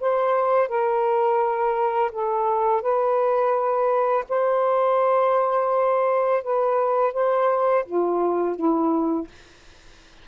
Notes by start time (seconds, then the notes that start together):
0.00 C5
0.68 A#4
2.12 A4
2.81 B4
4.29 C5
6.43 B4
7.13 C5
7.85 F4
8.56 E4